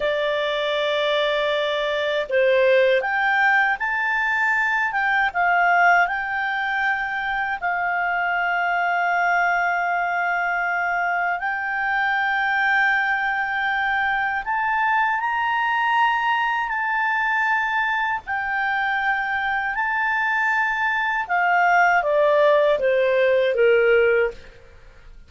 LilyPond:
\new Staff \with { instrumentName = "clarinet" } { \time 4/4 \tempo 4 = 79 d''2. c''4 | g''4 a''4. g''8 f''4 | g''2 f''2~ | f''2. g''4~ |
g''2. a''4 | ais''2 a''2 | g''2 a''2 | f''4 d''4 c''4 ais'4 | }